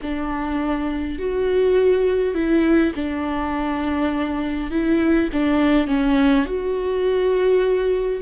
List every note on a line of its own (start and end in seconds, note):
0.02 1.18 D4
1.18 2.34 F#4
2.34 2.93 E4
2.95 4.70 D4
4.70 5.29 E4
5.32 5.87 D4
5.87 6.45 C#4
6.45 8.22 F#4